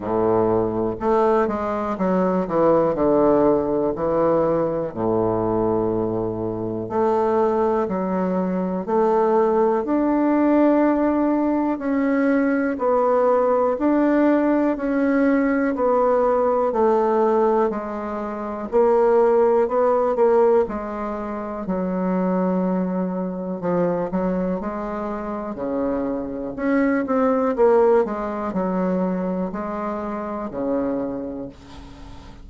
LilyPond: \new Staff \with { instrumentName = "bassoon" } { \time 4/4 \tempo 4 = 61 a,4 a8 gis8 fis8 e8 d4 | e4 a,2 a4 | fis4 a4 d'2 | cis'4 b4 d'4 cis'4 |
b4 a4 gis4 ais4 | b8 ais8 gis4 fis2 | f8 fis8 gis4 cis4 cis'8 c'8 | ais8 gis8 fis4 gis4 cis4 | }